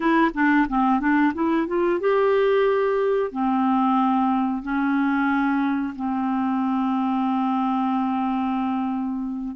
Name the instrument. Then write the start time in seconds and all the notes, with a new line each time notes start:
clarinet
0.00 E4
0.34 D4
0.68 C4
1.00 D4
1.34 E4
1.67 F4
1.99 G4
3.31 C4
4.62 C#4
5.95 C4